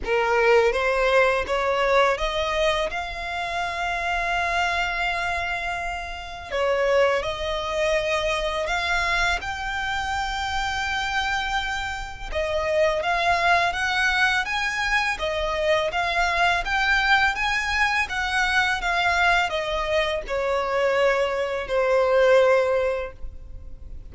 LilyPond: \new Staff \with { instrumentName = "violin" } { \time 4/4 \tempo 4 = 83 ais'4 c''4 cis''4 dis''4 | f''1~ | f''4 cis''4 dis''2 | f''4 g''2.~ |
g''4 dis''4 f''4 fis''4 | gis''4 dis''4 f''4 g''4 | gis''4 fis''4 f''4 dis''4 | cis''2 c''2 | }